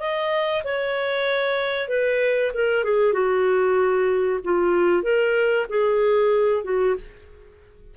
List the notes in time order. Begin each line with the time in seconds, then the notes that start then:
0.00 D#5
0.64 C#5
1.89 B4
2.54 A#4
2.84 G#4
3.13 F#4
4.44 F4
5.03 A#4
5.70 G#4
6.64 F#4